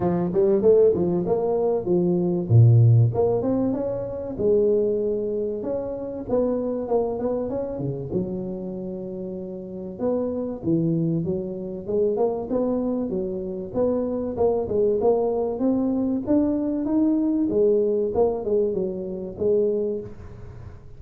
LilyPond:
\new Staff \with { instrumentName = "tuba" } { \time 4/4 \tempo 4 = 96 f8 g8 a8 f8 ais4 f4 | ais,4 ais8 c'8 cis'4 gis4~ | gis4 cis'4 b4 ais8 b8 | cis'8 cis8 fis2. |
b4 e4 fis4 gis8 ais8 | b4 fis4 b4 ais8 gis8 | ais4 c'4 d'4 dis'4 | gis4 ais8 gis8 fis4 gis4 | }